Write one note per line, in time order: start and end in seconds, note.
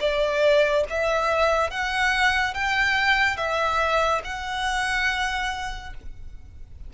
0.00 0.85 D5
0.90 1.71 E5
1.71 2.54 F#5
2.54 3.37 G5
3.37 4.21 E5
4.24 5.93 F#5